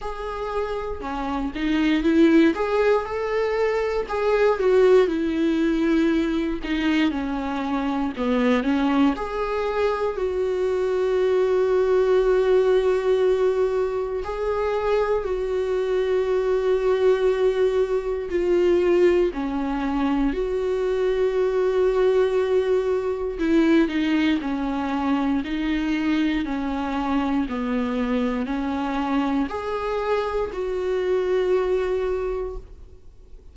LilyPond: \new Staff \with { instrumentName = "viola" } { \time 4/4 \tempo 4 = 59 gis'4 cis'8 dis'8 e'8 gis'8 a'4 | gis'8 fis'8 e'4. dis'8 cis'4 | b8 cis'8 gis'4 fis'2~ | fis'2 gis'4 fis'4~ |
fis'2 f'4 cis'4 | fis'2. e'8 dis'8 | cis'4 dis'4 cis'4 b4 | cis'4 gis'4 fis'2 | }